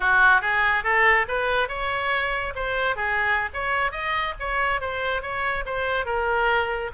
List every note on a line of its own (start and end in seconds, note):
0.00 0.41 F#4
0.41 0.83 G#4
0.83 1.26 A4
1.28 1.68 B4
1.68 2.53 C#5
2.55 2.96 C5
2.96 3.49 G#4
3.53 3.91 C#5
3.91 4.34 D#5
4.39 4.81 C#5
4.81 5.22 C5
5.22 5.64 C#5
5.65 6.05 C5
6.05 6.91 A#4